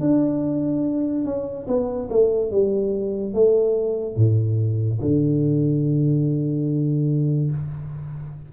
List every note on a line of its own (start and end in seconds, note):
0.00 1.25 D4
1.25 1.67 C#4
1.67 2.09 B3
2.10 2.51 A3
2.51 3.34 G3
3.34 4.16 A3
4.16 5.00 A2
5.01 7.51 D3